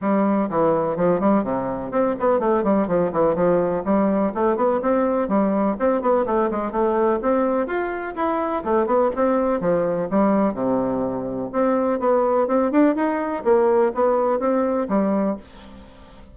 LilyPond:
\new Staff \with { instrumentName = "bassoon" } { \time 4/4 \tempo 4 = 125 g4 e4 f8 g8 c4 | c'8 b8 a8 g8 f8 e8 f4 | g4 a8 b8 c'4 g4 | c'8 b8 a8 gis8 a4 c'4 |
f'4 e'4 a8 b8 c'4 | f4 g4 c2 | c'4 b4 c'8 d'8 dis'4 | ais4 b4 c'4 g4 | }